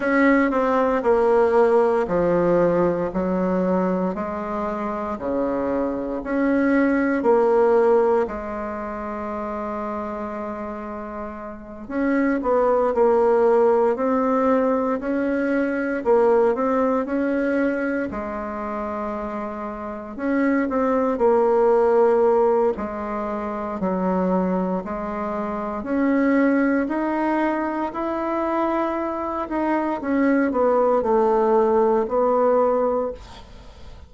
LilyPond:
\new Staff \with { instrumentName = "bassoon" } { \time 4/4 \tempo 4 = 58 cis'8 c'8 ais4 f4 fis4 | gis4 cis4 cis'4 ais4 | gis2.~ gis8 cis'8 | b8 ais4 c'4 cis'4 ais8 |
c'8 cis'4 gis2 cis'8 | c'8 ais4. gis4 fis4 | gis4 cis'4 dis'4 e'4~ | e'8 dis'8 cis'8 b8 a4 b4 | }